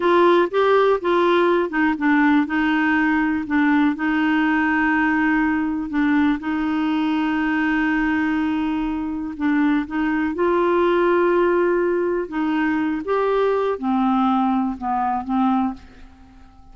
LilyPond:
\new Staff \with { instrumentName = "clarinet" } { \time 4/4 \tempo 4 = 122 f'4 g'4 f'4. dis'8 | d'4 dis'2 d'4 | dis'1 | d'4 dis'2.~ |
dis'2. d'4 | dis'4 f'2.~ | f'4 dis'4. g'4. | c'2 b4 c'4 | }